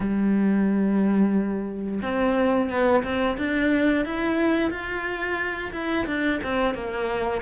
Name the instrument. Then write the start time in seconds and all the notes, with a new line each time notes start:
cello
0.00 G3
2.02 C4
2.69 B3
3.03 C4
3.37 D4
4.05 E4
4.70 F4
5.72 E4
6.06 D4
6.43 C4
6.74 A#3